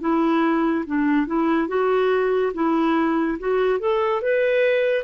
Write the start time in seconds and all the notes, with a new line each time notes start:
0.00 E4
0.86 D4
1.26 E4
1.68 F#4
2.54 E4
3.39 F#4
3.79 A4
4.21 B4